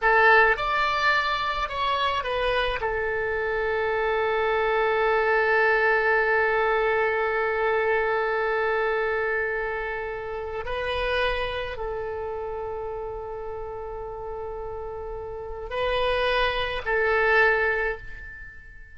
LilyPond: \new Staff \with { instrumentName = "oboe" } { \time 4/4 \tempo 4 = 107 a'4 d''2 cis''4 | b'4 a'2.~ | a'1~ | a'1~ |
a'2. b'4~ | b'4 a'2.~ | a'1 | b'2 a'2 | }